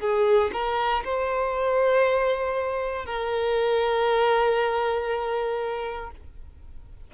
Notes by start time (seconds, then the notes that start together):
0.00 G#4
0.53 A#4
1.04 C5
3.06 A#4